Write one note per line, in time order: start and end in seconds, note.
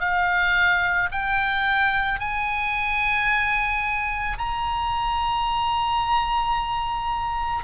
0.00 1.09 F5
1.12 2.19 G5
2.19 4.37 G#5
4.37 7.64 A#5